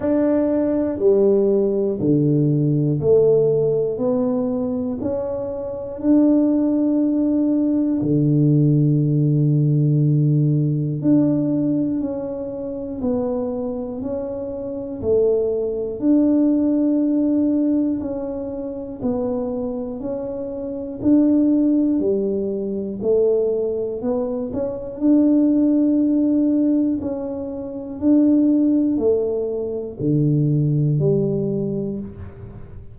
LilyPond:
\new Staff \with { instrumentName = "tuba" } { \time 4/4 \tempo 4 = 60 d'4 g4 d4 a4 | b4 cis'4 d'2 | d2. d'4 | cis'4 b4 cis'4 a4 |
d'2 cis'4 b4 | cis'4 d'4 g4 a4 | b8 cis'8 d'2 cis'4 | d'4 a4 d4 g4 | }